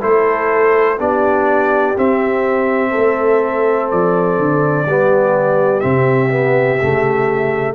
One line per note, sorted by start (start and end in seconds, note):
0.00 0.99 A3
0.00 0.97 E4
0.00 0.97 A4
0.00 0.99 C5
0.97 1.96 B3
0.97 1.94 D4
0.97 2.90 G4
0.97 1.97 D5
1.97 2.94 C4
1.97 4.87 C4
1.97 3.90 E5
2.90 3.91 A3
2.90 4.84 A4
3.90 4.38 F3
3.90 5.80 D5
4.38 4.85 D3
4.85 5.82 G3
4.85 5.80 B3
4.85 7.75 G4
5.80 6.81 C3
5.80 6.29 C4
5.80 7.73 E5
6.29 6.78 B3
6.81 7.75 C#3
6.81 7.75 A3